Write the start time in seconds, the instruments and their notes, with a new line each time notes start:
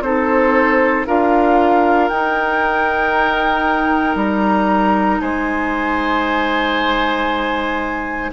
0.00 bassoon C4, clarinet D#4, oboe A4, flute C5
1.07 bassoon D4, clarinet F4, oboe A#4, flute F5
2.08 bassoon D#4, clarinet D#4, flute G5
4.15 bassoon G3, flute A#5
5.21 bassoon G#3, oboe C5, flute G#5